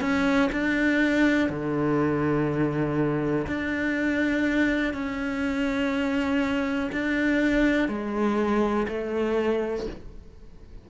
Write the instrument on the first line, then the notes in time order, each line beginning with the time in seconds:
cello
0.00 C#4
0.52 D4
1.50 D3
3.46 D4
4.94 C#4
6.92 D4
7.88 G#3
8.88 A3